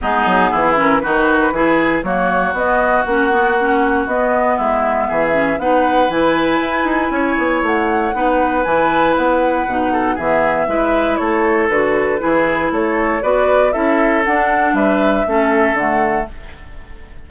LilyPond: <<
  \new Staff \with { instrumentName = "flute" } { \time 4/4 \tempo 4 = 118 gis'4. ais'8 b'2 | cis''4 dis''4 fis''2 | dis''4 e''2 fis''4 | gis''2. fis''4~ |
fis''4 gis''4 fis''2 | e''2 cis''4 b'4~ | b'4 cis''4 d''4 e''4 | fis''4 e''2 fis''4 | }
  \new Staff \with { instrumentName = "oboe" } { \time 4/4 dis'4 e'4 fis'4 gis'4 | fis'1~ | fis'4 e'4 gis'4 b'4~ | b'2 cis''2 |
b'2.~ b'8 a'8 | gis'4 b'4 a'2 | gis'4 a'4 b'4 a'4~ | a'4 b'4 a'2 | }
  \new Staff \with { instrumentName = "clarinet" } { \time 4/4 b4. cis'8 dis'4 e'4 | ais4 b4 cis'8 b8 cis'4 | b2~ b8 cis'8 dis'4 | e'1 |
dis'4 e'2 dis'4 | b4 e'2 fis'4 | e'2 fis'4 e'4 | d'2 cis'4 a4 | }
  \new Staff \with { instrumentName = "bassoon" } { \time 4/4 gis8 fis8 e4 dis4 e4 | fis4 b4 ais2 | b4 gis4 e4 b4 | e4 e'8 dis'8 cis'8 b8 a4 |
b4 e4 b4 b,4 | e4 gis4 a4 d4 | e4 a4 b4 cis'4 | d'4 g4 a4 d4 | }
>>